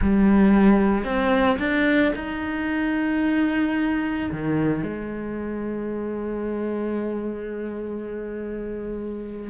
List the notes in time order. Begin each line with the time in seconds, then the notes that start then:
0.01 G3
1.04 C4
1.59 D4
2.15 D#4
4.31 D#3
4.83 G#3